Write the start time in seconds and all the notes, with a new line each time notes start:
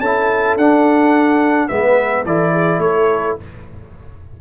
0.00 C#4 E4 A4 A5
0.56 D4 F#5
1.68 G#3 B3 B4 E5
2.25 E3 E4 A4 D5
2.52 G#4
2.78 A3 C#5
2.84 A4